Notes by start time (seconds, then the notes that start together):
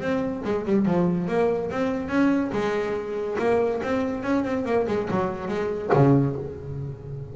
0.00 C4
0.45 G#3
0.66 G3
0.86 F3
1.28 A#3
1.71 C4
2.09 C#4
2.53 G#3
3.39 A#3
3.83 C4
4.23 C#4
4.45 C4
4.66 A#3
4.88 G#3
5.11 F#3
5.48 G#3
5.94 C#3